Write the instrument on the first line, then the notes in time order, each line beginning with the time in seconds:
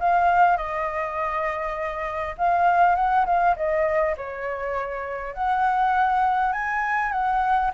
flute
0.00 F5
0.57 D#5
2.38 F5
2.96 F#5
3.26 F5
3.56 D#5
4.17 C#5
5.34 F#5
6.53 G#5
7.12 F#5